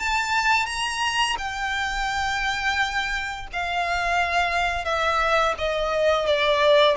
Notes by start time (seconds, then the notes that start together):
0.00 A5
0.67 A#5
1.38 G5
3.53 F5
4.85 E5
5.58 D#5
6.27 D5